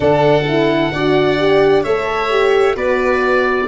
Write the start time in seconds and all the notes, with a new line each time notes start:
0.00 D3 D4 A4 F#5
0.47 E4
0.92 D4 F#4 D5
1.38 G4
1.83 A3 A4 C#5 E5
2.30 G4
2.74 B3 F#4 B4 D5